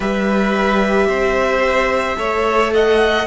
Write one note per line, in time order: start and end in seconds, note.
0.00 1.07 G3
0.00 2.16 G4
0.00 1.07 B4
0.00 2.73 E5
1.07 2.17 C4
1.07 2.17 C5
2.16 3.26 A3
2.16 3.25 A4
2.16 2.73 C#5
2.73 3.26 D#5
2.73 3.26 F#5